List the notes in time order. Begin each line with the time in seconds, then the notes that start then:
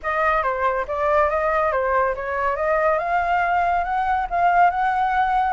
0.02 D#5
0.42 C5
0.87 D5
1.29 D#5
1.72 C5
2.15 C#5
2.56 D#5
2.98 F5
3.84 F#5
4.30 F5
4.70 F#5